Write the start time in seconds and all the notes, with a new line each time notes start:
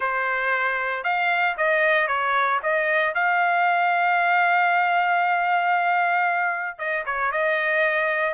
0.00 C5
1.03 F5
1.57 D#5
2.07 C#5
2.63 D#5
3.14 F5
6.78 D#5
7.05 C#5
7.31 D#5